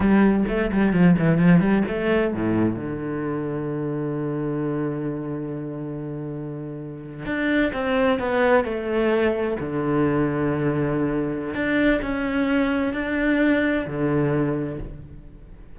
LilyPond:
\new Staff \with { instrumentName = "cello" } { \time 4/4 \tempo 4 = 130 g4 a8 g8 f8 e8 f8 g8 | a4 a,4 d2~ | d1~ | d2.~ d8. d'16~ |
d'8. c'4 b4 a4~ a16~ | a8. d2.~ d16~ | d4 d'4 cis'2 | d'2 d2 | }